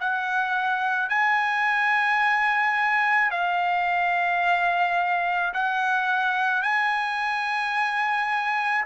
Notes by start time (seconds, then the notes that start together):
0.00 F#5
1.09 G#5
3.31 F5
5.54 F#5
6.63 G#5